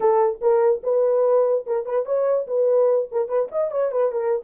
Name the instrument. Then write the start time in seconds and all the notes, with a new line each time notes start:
horn
0.00 A4
0.41 A#4
0.83 B4
1.66 A#4
1.85 B4
2.05 C#5
2.47 B4
3.11 A#4
3.28 B4
3.51 D#5
3.71 C#5
3.91 B4
4.12 A#4